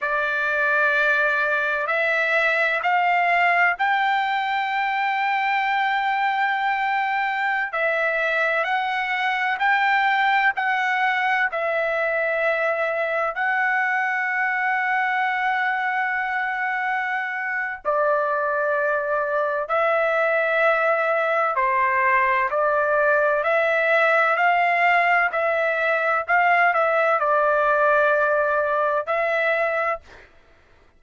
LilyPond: \new Staff \with { instrumentName = "trumpet" } { \time 4/4 \tempo 4 = 64 d''2 e''4 f''4 | g''1~ | g''16 e''4 fis''4 g''4 fis''8.~ | fis''16 e''2 fis''4.~ fis''16~ |
fis''2. d''4~ | d''4 e''2 c''4 | d''4 e''4 f''4 e''4 | f''8 e''8 d''2 e''4 | }